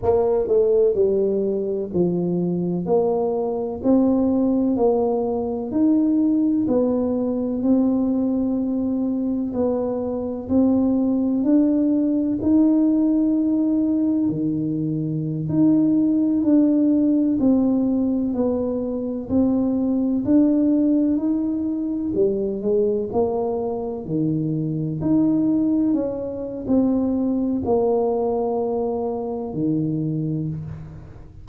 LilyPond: \new Staff \with { instrumentName = "tuba" } { \time 4/4 \tempo 4 = 63 ais8 a8 g4 f4 ais4 | c'4 ais4 dis'4 b4 | c'2 b4 c'4 | d'4 dis'2 dis4~ |
dis16 dis'4 d'4 c'4 b8.~ | b16 c'4 d'4 dis'4 g8 gis16~ | gis16 ais4 dis4 dis'4 cis'8. | c'4 ais2 dis4 | }